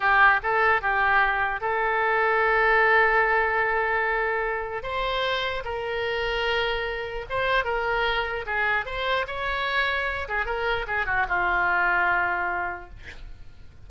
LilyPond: \new Staff \with { instrumentName = "oboe" } { \time 4/4 \tempo 4 = 149 g'4 a'4 g'2 | a'1~ | a'1 | c''2 ais'2~ |
ais'2 c''4 ais'4~ | ais'4 gis'4 c''4 cis''4~ | cis''4. gis'8 ais'4 gis'8 fis'8 | f'1 | }